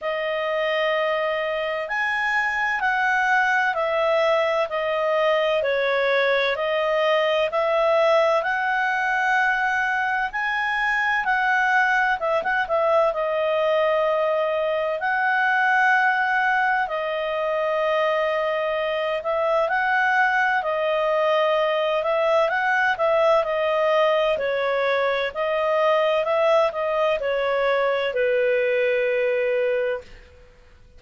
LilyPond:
\new Staff \with { instrumentName = "clarinet" } { \time 4/4 \tempo 4 = 64 dis''2 gis''4 fis''4 | e''4 dis''4 cis''4 dis''4 | e''4 fis''2 gis''4 | fis''4 e''16 fis''16 e''8 dis''2 |
fis''2 dis''2~ | dis''8 e''8 fis''4 dis''4. e''8 | fis''8 e''8 dis''4 cis''4 dis''4 | e''8 dis''8 cis''4 b'2 | }